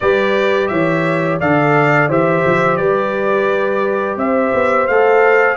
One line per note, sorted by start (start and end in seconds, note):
0.00 0.70 G3
0.00 1.41 G4
0.00 0.70 B4
0.00 0.67 D5
0.67 1.40 E3
0.67 1.40 C#5
0.67 1.37 E5
1.40 2.08 D3
1.40 2.09 A4
1.40 2.08 D5
1.40 2.10 F5
2.08 2.43 E3
2.08 4.88 G4
2.08 2.78 C5
2.08 2.76 E5
2.45 2.78 F3
2.76 4.16 G3
2.76 4.18 B4
2.76 4.16 D5
4.16 4.51 C4
4.16 5.56 C5
4.16 4.87 E5
4.54 4.89 B3
4.87 5.56 A3
4.87 5.56 A4
4.87 5.56 F5